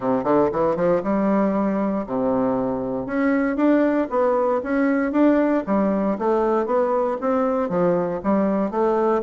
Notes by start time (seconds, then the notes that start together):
0.00 C3
0.24 D3
0.52 E3
0.76 F3
1.03 G3
2.06 C3
3.06 C#4
3.56 D4
4.10 B3
4.63 C#4
5.12 D4
5.66 G3
6.18 A3
6.65 B3
7.21 C4
7.69 F3
8.23 G3
8.70 A3